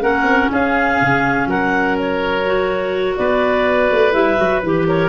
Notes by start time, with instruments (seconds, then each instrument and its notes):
0.00 tuba A#3, clarinet C#4 F#5, oboe A#4
0.23 tuba C4
0.52 tuba C#4, oboe G#4, clarinet F5
1.01 tuba C#3
1.46 tuba F#3, oboe A#4, clarinet F#5
1.99 clarinet C#5
2.46 clarinet F#4
3.17 tuba B3, oboe B4, clarinet D5
3.91 tuba A3
4.11 tuba G3, clarinet E4 E5
4.37 tuba F#3, clarinet F#4
4.60 tuba E3, clarinet G4 B4
4.88 oboe A#4, clarinet C#5